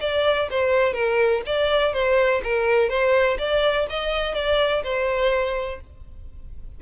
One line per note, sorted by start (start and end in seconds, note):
0.00 0.48 D5
0.50 0.93 C5
0.93 1.42 A#4
1.46 1.93 D5
1.93 2.42 C5
2.43 2.89 A#4
2.89 3.38 C5
3.38 3.86 D5
3.90 4.34 D#5
4.34 4.83 D5
4.84 5.80 C5